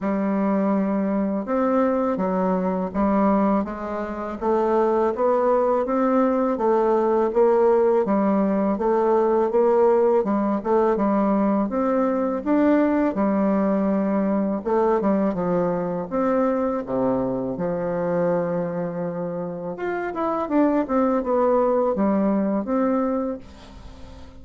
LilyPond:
\new Staff \with { instrumentName = "bassoon" } { \time 4/4 \tempo 4 = 82 g2 c'4 fis4 | g4 gis4 a4 b4 | c'4 a4 ais4 g4 | a4 ais4 g8 a8 g4 |
c'4 d'4 g2 | a8 g8 f4 c'4 c4 | f2. f'8 e'8 | d'8 c'8 b4 g4 c'4 | }